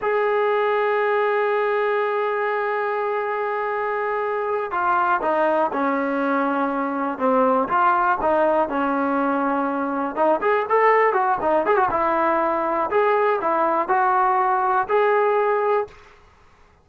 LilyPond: \new Staff \with { instrumentName = "trombone" } { \time 4/4 \tempo 4 = 121 gis'1~ | gis'1~ | gis'4. f'4 dis'4 cis'8~ | cis'2~ cis'8 c'4 f'8~ |
f'8 dis'4 cis'2~ cis'8~ | cis'8 dis'8 gis'8 a'4 fis'8 dis'8 gis'16 fis'16 | e'2 gis'4 e'4 | fis'2 gis'2 | }